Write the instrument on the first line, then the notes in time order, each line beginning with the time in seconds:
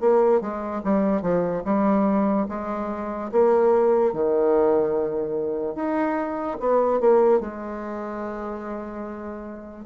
bassoon
0.00 A#3
0.41 G#3
0.83 G3
1.22 F3
1.64 G3
2.48 G#3
3.32 A#3
4.13 D#3
5.75 D#4
6.59 B3
7.00 A#3
7.40 G#3